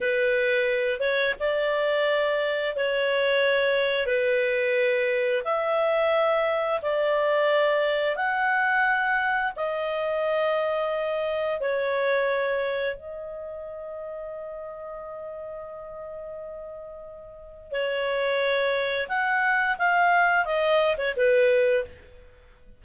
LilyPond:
\new Staff \with { instrumentName = "clarinet" } { \time 4/4 \tempo 4 = 88 b'4. cis''8 d''2 | cis''2 b'2 | e''2 d''2 | fis''2 dis''2~ |
dis''4 cis''2 dis''4~ | dis''1~ | dis''2 cis''2 | fis''4 f''4 dis''8. cis''16 b'4 | }